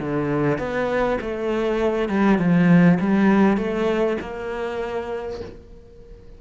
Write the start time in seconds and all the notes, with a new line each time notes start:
0.00 D3
0.59 B3
1.21 A3
2.09 G3
2.39 F3
3.01 G3
3.58 A3
4.21 A#3